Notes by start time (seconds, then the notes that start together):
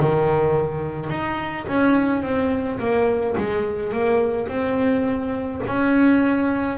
0.00 D#3
1.10 D#4
1.67 C#4
2.22 C4
2.79 A#3
3.37 G#3
3.93 A#3
4.48 C4
5.67 C#4